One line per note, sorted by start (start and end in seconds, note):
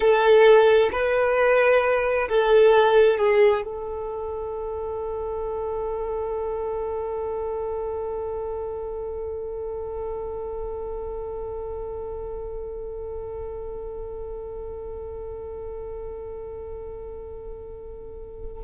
0.00 0.90 A4
0.91 2.28 B4
2.28 3.17 A4
3.17 3.62 G#4
3.64 18.64 A4